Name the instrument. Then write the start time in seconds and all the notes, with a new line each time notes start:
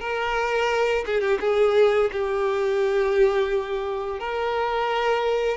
violin
0.00 A#4
1.06 G#4
1.21 G4
1.40 G#4
2.12 G4
4.19 A#4